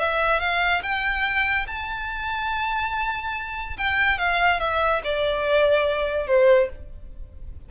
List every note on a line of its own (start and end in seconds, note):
0.00 0.40 E5
0.40 0.82 F5
0.83 1.67 G5
1.68 3.77 A5
3.78 4.19 G5
4.19 4.60 F5
4.60 5.02 E5
5.04 6.27 D5
6.27 6.69 C5